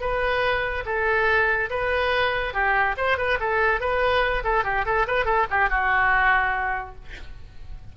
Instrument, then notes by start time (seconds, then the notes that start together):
oboe
0.00 B4
0.85 A4
1.70 B4
2.53 G4
2.97 C5
3.17 B4
3.39 A4
3.80 B4
4.44 A4
4.64 G4
4.85 A4
5.07 B4
5.25 A4
5.50 G4
5.69 F#4